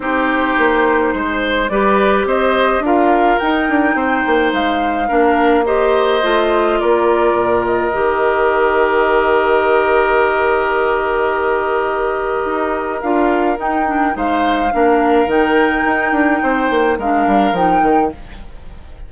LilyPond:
<<
  \new Staff \with { instrumentName = "flute" } { \time 4/4 \tempo 4 = 106 c''2. d''4 | dis''4 f''4 g''2 | f''2 dis''2 | d''4. dis''2~ dis''8~ |
dis''1~ | dis''2. f''4 | g''4 f''2 g''4~ | g''2 f''4 g''4 | }
  \new Staff \with { instrumentName = "oboe" } { \time 4/4 g'2 c''4 b'4 | c''4 ais'2 c''4~ | c''4 ais'4 c''2 | ais'1~ |
ais'1~ | ais'1~ | ais'4 c''4 ais'2~ | ais'4 c''4 ais'2 | }
  \new Staff \with { instrumentName = "clarinet" } { \time 4/4 dis'2. g'4~ | g'4 f'4 dis'2~ | dis'4 d'4 g'4 f'4~ | f'2 g'2~ |
g'1~ | g'2. f'4 | dis'8 d'8 dis'4 d'4 dis'4~ | dis'2 d'4 dis'4 | }
  \new Staff \with { instrumentName = "bassoon" } { \time 4/4 c'4 ais4 gis4 g4 | c'4 d'4 dis'8 d'8 c'8 ais8 | gis4 ais2 a4 | ais4 ais,4 dis2~ |
dis1~ | dis2 dis'4 d'4 | dis'4 gis4 ais4 dis4 | dis'8 d'8 c'8 ais8 gis8 g8 f8 dis8 | }
>>